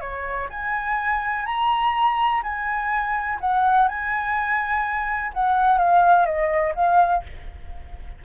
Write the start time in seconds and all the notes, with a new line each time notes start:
0.00 C#5
0.49 G#5
1.45 A#5
2.42 G#5
3.40 F#5
3.88 G#5
5.33 F#5
5.78 F5
6.25 D#5
6.75 F5